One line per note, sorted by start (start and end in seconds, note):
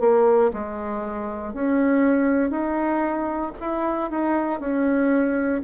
0.00 0.51 A#3
0.53 1.53 G#3
1.53 2.51 C#4
2.51 3.52 D#4
3.60 4.10 E4
4.10 4.60 D#4
4.60 5.62 C#4